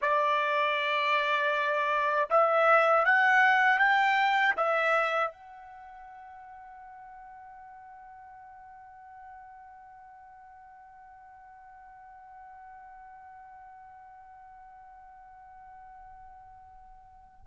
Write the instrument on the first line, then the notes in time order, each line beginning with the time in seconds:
trumpet
0.01 D5
2.30 E5
3.05 F#5
3.78 G5
4.56 E5
5.31 F#5